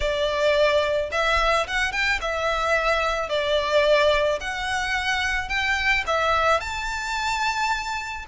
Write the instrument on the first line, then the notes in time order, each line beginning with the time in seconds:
violin
0.00 D5
1.11 E5
1.67 F#5
1.92 G5
2.21 E5
3.29 D5
4.40 F#5
5.48 G5
6.07 E5
6.60 A5